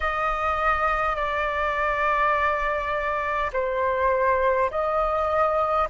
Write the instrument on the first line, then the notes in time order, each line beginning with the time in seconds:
flute
0.00 D#5
1.15 D5
3.52 C5
4.71 D#5